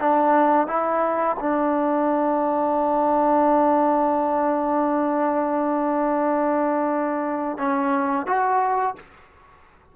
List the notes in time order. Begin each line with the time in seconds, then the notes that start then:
0.00 D4
0.68 E4
1.40 D4
7.58 C#4
8.27 F#4